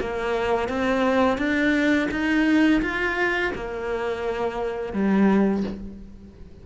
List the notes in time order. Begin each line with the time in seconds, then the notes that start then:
0.00 A#3
0.69 C4
1.38 D4
2.11 D#4
2.82 F4
3.55 A#3
4.93 G3